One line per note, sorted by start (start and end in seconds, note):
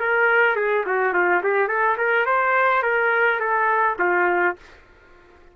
0.00 0.56 A#4
0.56 0.85 G#4
0.86 1.14 F#4
1.14 1.42 F4
1.43 1.68 G4
1.68 1.97 A4
1.97 2.26 A#4
2.26 2.83 C5
2.83 3.40 A#4
3.40 3.97 A4
3.99 4.56 F4